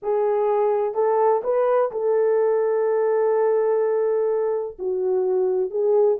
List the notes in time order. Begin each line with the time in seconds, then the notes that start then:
0.02 G#4
0.94 A4
1.43 B4
1.91 A4
4.79 F#4
5.70 G#4